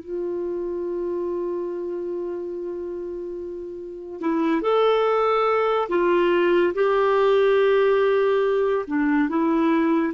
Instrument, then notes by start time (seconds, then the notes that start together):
clarinet
0.00 F4
4.21 E4
4.62 A4
5.89 F4
6.75 G4
8.87 D4
9.29 E4